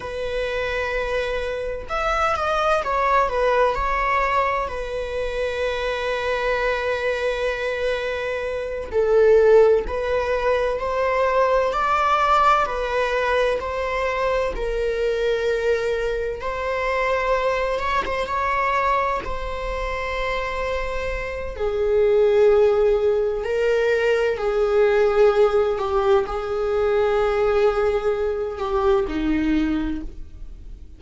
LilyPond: \new Staff \with { instrumentName = "viola" } { \time 4/4 \tempo 4 = 64 b'2 e''8 dis''8 cis''8 b'8 | cis''4 b'2.~ | b'4. a'4 b'4 c''8~ | c''8 d''4 b'4 c''4 ais'8~ |
ais'4. c''4. cis''16 c''16 cis''8~ | cis''8 c''2~ c''8 gis'4~ | gis'4 ais'4 gis'4. g'8 | gis'2~ gis'8 g'8 dis'4 | }